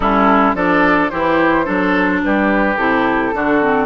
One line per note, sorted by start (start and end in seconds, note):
0.00 0.54 G3
0.00 0.55 C#4
0.00 0.55 E4
0.00 0.54 A4
0.54 1.09 F3
0.54 1.11 D4
0.54 1.11 A4
0.54 1.09 D5
1.09 1.67 E3
1.09 1.64 E4
1.09 1.65 G4
1.09 2.20 C5
1.64 2.23 F#3
1.64 2.75 D4
1.64 2.20 A4
2.23 2.76 G3
2.23 3.34 G4
2.23 2.77 B4
2.76 3.32 C3
2.76 3.33 E4
2.76 3.85 A4
3.33 3.85 D3
3.33 3.61 D4
3.33 3.85 F#4
3.61 3.85 C4